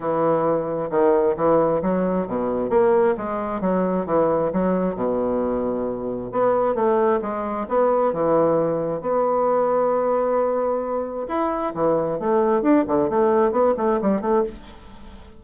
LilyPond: \new Staff \with { instrumentName = "bassoon" } { \time 4/4 \tempo 4 = 133 e2 dis4 e4 | fis4 b,4 ais4 gis4 | fis4 e4 fis4 b,4~ | b,2 b4 a4 |
gis4 b4 e2 | b1~ | b4 e'4 e4 a4 | d'8 d8 a4 b8 a8 g8 a8 | }